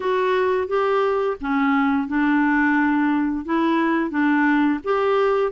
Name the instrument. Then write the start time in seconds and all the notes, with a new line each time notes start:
clarinet
0.00 F#4
0.67 G4
1.40 C#4
2.07 D4
3.45 E4
4.10 D4
4.84 G4